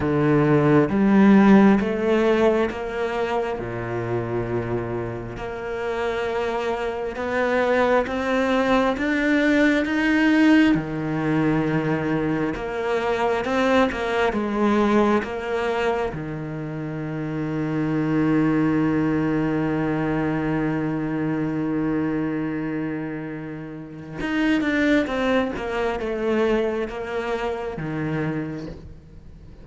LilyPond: \new Staff \with { instrumentName = "cello" } { \time 4/4 \tempo 4 = 67 d4 g4 a4 ais4 | ais,2 ais2 | b4 c'4 d'4 dis'4 | dis2 ais4 c'8 ais8 |
gis4 ais4 dis2~ | dis1~ | dis2. dis'8 d'8 | c'8 ais8 a4 ais4 dis4 | }